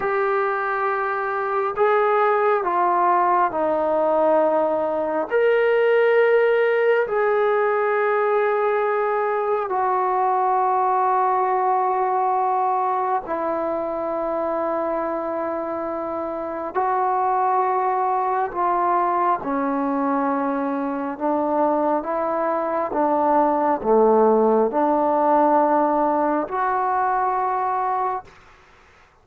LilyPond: \new Staff \with { instrumentName = "trombone" } { \time 4/4 \tempo 4 = 68 g'2 gis'4 f'4 | dis'2 ais'2 | gis'2. fis'4~ | fis'2. e'4~ |
e'2. fis'4~ | fis'4 f'4 cis'2 | d'4 e'4 d'4 a4 | d'2 fis'2 | }